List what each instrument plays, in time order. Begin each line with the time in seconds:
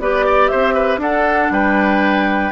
0.00 bassoon B3, clarinet G4, oboe B4, flute D5
0.26 oboe D5
0.48 oboe C5, flute E5
0.54 bassoon C4
0.74 oboe B4
0.98 bassoon D4, clarinet D4, oboe A4, flute F#5
1.50 bassoon G3, oboe B4, flute G5